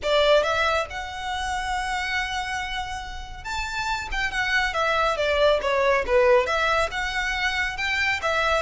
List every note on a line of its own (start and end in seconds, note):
0.02 0.43 D5
0.43 0.86 E5
0.89 3.44 F#5
3.44 4.08 A5
4.11 4.31 G5
4.31 4.73 F#5
4.73 5.16 E5
5.16 5.59 D5
5.61 6.05 C#5
6.06 6.46 B4
6.46 6.89 E5
6.91 7.77 F#5
7.77 8.20 G5
8.22 8.62 E5